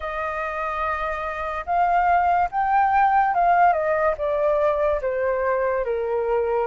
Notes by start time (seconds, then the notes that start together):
0.00 D#5
1.66 F5
2.51 G5
3.34 F5
3.72 D#5
4.17 D5
5.01 C5
5.84 A#4